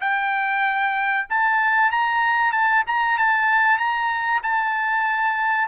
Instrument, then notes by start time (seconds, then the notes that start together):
trumpet
0.00 G5
1.29 A5
1.91 A#5
2.51 A5
2.87 A#5
3.18 A5
3.78 A#5
4.43 A5